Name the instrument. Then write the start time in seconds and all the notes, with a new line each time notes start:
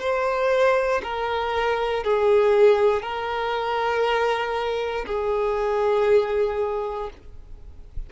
violin
0.00 C5
1.04 A#4
2.04 G#4
3.02 A#4
5.07 G#4